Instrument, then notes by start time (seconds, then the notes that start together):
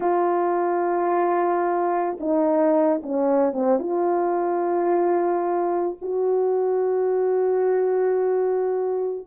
horn
0.00 F4
2.19 D#4
3.02 C#4
3.52 C4
3.79 F4
6.01 F#4